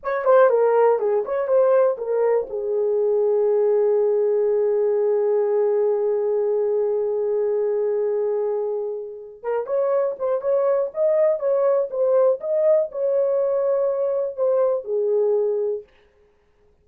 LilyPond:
\new Staff \with { instrumentName = "horn" } { \time 4/4 \tempo 4 = 121 cis''8 c''8 ais'4 gis'8 cis''8 c''4 | ais'4 gis'2.~ | gis'1~ | gis'1~ |
gis'2. ais'8 cis''8~ | cis''8 c''8 cis''4 dis''4 cis''4 | c''4 dis''4 cis''2~ | cis''4 c''4 gis'2 | }